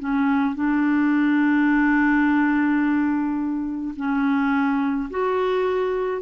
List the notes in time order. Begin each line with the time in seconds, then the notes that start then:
0.00 C#4
0.56 D4
3.97 C#4
5.10 F#4